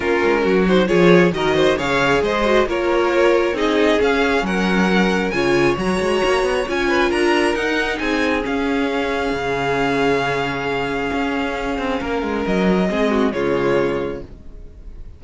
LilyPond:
<<
  \new Staff \with { instrumentName = "violin" } { \time 4/4 \tempo 4 = 135 ais'4. c''8 cis''4 dis''4 | f''4 dis''4 cis''2 | dis''4 f''4 fis''2 | gis''4 ais''2 gis''4 |
ais''4 fis''4 gis''4 f''4~ | f''1~ | f''1 | dis''2 cis''2 | }
  \new Staff \with { instrumentName = "violin" } { \time 4/4 f'4 fis'4 gis'4 ais'8 c''8 | cis''4 c''4 ais'2 | gis'2 ais'2 | cis''2.~ cis''8 b'8 |
ais'2 gis'2~ | gis'1~ | gis'2. ais'4~ | ais'4 gis'8 fis'8 f'2 | }
  \new Staff \with { instrumentName = "viola" } { \time 4/4 cis'4. dis'8 f'4 fis'4 | gis'4. fis'8 f'2 | dis'4 cis'2. | f'4 fis'2 f'4~ |
f'4 dis'2 cis'4~ | cis'1~ | cis'1~ | cis'4 c'4 gis2 | }
  \new Staff \with { instrumentName = "cello" } { \time 4/4 ais8 gis8 fis4 f4 dis4 | cis4 gis4 ais2 | c'4 cis'4 fis2 | cis4 fis8 gis8 ais8 b8 cis'4 |
d'4 dis'4 c'4 cis'4~ | cis'4 cis2.~ | cis4 cis'4. c'8 ais8 gis8 | fis4 gis4 cis2 | }
>>